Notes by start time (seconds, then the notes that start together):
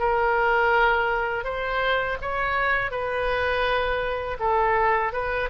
0.00 A#4
1.45 C5
2.22 C#5
2.92 B4
4.40 A4
5.13 B4